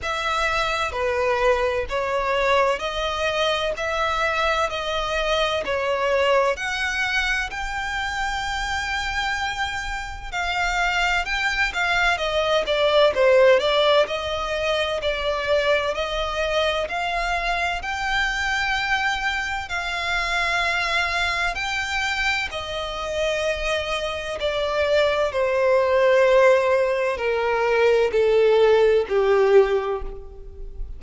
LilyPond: \new Staff \with { instrumentName = "violin" } { \time 4/4 \tempo 4 = 64 e''4 b'4 cis''4 dis''4 | e''4 dis''4 cis''4 fis''4 | g''2. f''4 | g''8 f''8 dis''8 d''8 c''8 d''8 dis''4 |
d''4 dis''4 f''4 g''4~ | g''4 f''2 g''4 | dis''2 d''4 c''4~ | c''4 ais'4 a'4 g'4 | }